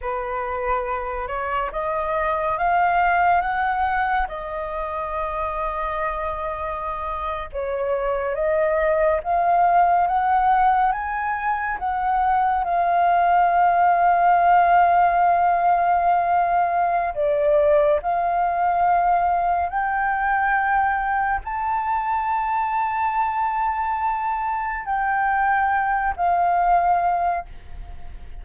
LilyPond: \new Staff \with { instrumentName = "flute" } { \time 4/4 \tempo 4 = 70 b'4. cis''8 dis''4 f''4 | fis''4 dis''2.~ | dis''8. cis''4 dis''4 f''4 fis''16~ | fis''8. gis''4 fis''4 f''4~ f''16~ |
f''1 | d''4 f''2 g''4~ | g''4 a''2.~ | a''4 g''4. f''4. | }